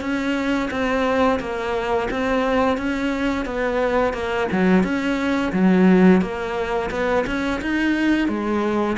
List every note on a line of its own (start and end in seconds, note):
0.00 0.69 C#4
0.70 1.39 C4
1.39 2.08 A#3
2.10 2.77 C4
2.77 3.45 C#4
3.45 4.13 B3
4.13 4.47 A#3
4.51 4.83 F#3
4.83 5.52 C#4
5.52 6.21 F#3
6.21 6.90 A#3
6.90 7.25 B3
7.26 7.61 C#4
7.61 8.28 D#4
8.28 8.97 G#3